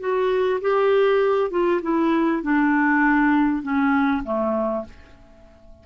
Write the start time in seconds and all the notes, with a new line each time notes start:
0.00 F#4
0.61 G4
1.51 F4
1.83 E4
2.43 D4
3.63 C#4
4.24 A3